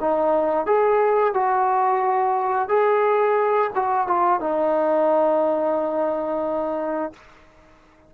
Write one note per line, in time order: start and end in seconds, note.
0.00 0.66 D#4
0.66 1.34 G#4
1.34 2.69 F#4
2.69 3.71 G#4
3.75 4.07 F#4
4.07 4.40 F4
4.40 7.13 D#4